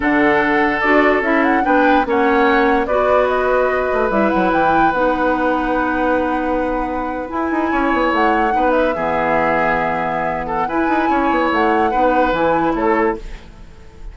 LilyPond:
<<
  \new Staff \with { instrumentName = "flute" } { \time 4/4 \tempo 4 = 146 fis''2 d''4 e''8 fis''8 | g''4 fis''2 d''4 | dis''2 e''8 fis''8 g''4 | fis''1~ |
fis''4.~ fis''16 gis''2 fis''16~ | fis''4~ fis''16 e''2~ e''8.~ | e''4. fis''8 gis''2 | fis''2 gis''4 cis''4 | }
  \new Staff \with { instrumentName = "oboe" } { \time 4/4 a'1 | b'4 cis''2 b'4~ | b'1~ | b'1~ |
b'2~ b'8. cis''4~ cis''16~ | cis''8. b'4 gis'2~ gis'16~ | gis'4. a'8 b'4 cis''4~ | cis''4 b'2 a'4 | }
  \new Staff \with { instrumentName = "clarinet" } { \time 4/4 d'2 fis'4 e'4 | d'4 cis'2 fis'4~ | fis'2 e'2 | dis'1~ |
dis'4.~ dis'16 e'2~ e'16~ | e'8. dis'4 b2~ b16~ | b2 e'2~ | e'4 dis'4 e'2 | }
  \new Staff \with { instrumentName = "bassoon" } { \time 4/4 d2 d'4 cis'4 | b4 ais2 b4~ | b4. a8 g8 fis8 e4 | b1~ |
b4.~ b16 e'8 dis'8 cis'8 b8 a16~ | a8. b4 e2~ e16~ | e2 e'8 dis'8 cis'8 b8 | a4 b4 e4 a4 | }
>>